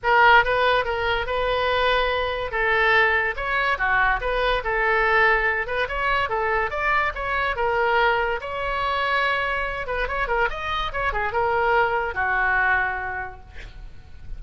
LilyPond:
\new Staff \with { instrumentName = "oboe" } { \time 4/4 \tempo 4 = 143 ais'4 b'4 ais'4 b'4~ | b'2 a'2 | cis''4 fis'4 b'4 a'4~ | a'4. b'8 cis''4 a'4 |
d''4 cis''4 ais'2 | cis''2.~ cis''8 b'8 | cis''8 ais'8 dis''4 cis''8 gis'8 ais'4~ | ais'4 fis'2. | }